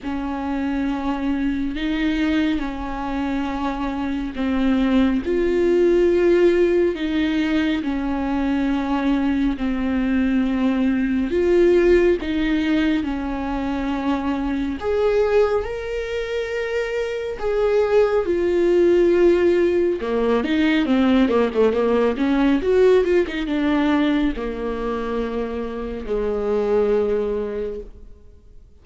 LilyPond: \new Staff \with { instrumentName = "viola" } { \time 4/4 \tempo 4 = 69 cis'2 dis'4 cis'4~ | cis'4 c'4 f'2 | dis'4 cis'2 c'4~ | c'4 f'4 dis'4 cis'4~ |
cis'4 gis'4 ais'2 | gis'4 f'2 ais8 dis'8 | c'8 ais16 a16 ais8 cis'8 fis'8 f'16 dis'16 d'4 | ais2 gis2 | }